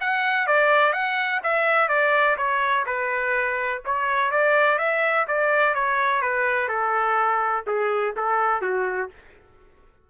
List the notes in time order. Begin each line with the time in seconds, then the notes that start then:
0.00 F#5
0.46 D5
0.92 F#5
1.43 E5
1.88 D5
2.37 C#5
2.86 B4
3.85 C#5
4.31 D5
4.78 E5
5.27 D5
5.74 C#5
6.21 B4
6.68 A4
7.66 G#4
8.16 A4
8.61 F#4